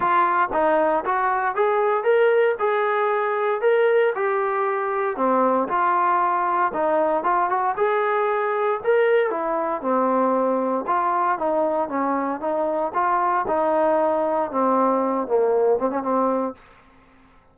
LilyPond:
\new Staff \with { instrumentName = "trombone" } { \time 4/4 \tempo 4 = 116 f'4 dis'4 fis'4 gis'4 | ais'4 gis'2 ais'4 | g'2 c'4 f'4~ | f'4 dis'4 f'8 fis'8 gis'4~ |
gis'4 ais'4 e'4 c'4~ | c'4 f'4 dis'4 cis'4 | dis'4 f'4 dis'2 | c'4. ais4 c'16 cis'16 c'4 | }